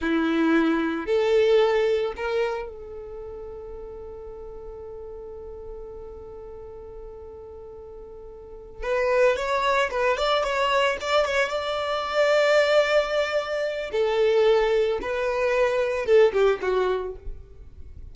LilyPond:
\new Staff \with { instrumentName = "violin" } { \time 4/4 \tempo 4 = 112 e'2 a'2 | ais'4 a'2.~ | a'1~ | a'1~ |
a'8 b'4 cis''4 b'8 d''8 cis''8~ | cis''8 d''8 cis''8 d''2~ d''8~ | d''2 a'2 | b'2 a'8 g'8 fis'4 | }